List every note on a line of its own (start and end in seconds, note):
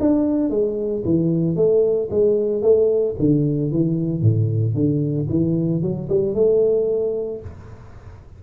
0.00 0.50 D4
0.50 1.03 G#3
1.05 1.56 E3
1.56 2.09 A3
2.11 2.62 G#3
2.62 3.15 A3
3.20 3.72 D3
3.72 4.22 E3
4.22 4.75 A2
4.75 5.28 D3
5.29 5.82 E3
5.82 6.09 F#3
6.09 6.35 G3
6.35 7.41 A3